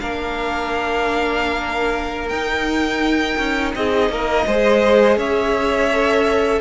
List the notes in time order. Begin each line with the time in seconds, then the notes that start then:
0.00 A#3 D4 A#4 F5
2.29 D#4 G5
3.39 C#4
3.75 C4 G#4 D#5
4.10 A#3 A#4
4.46 G#3 G#4 C5
5.17 C#4 C#5 E5
5.92 A4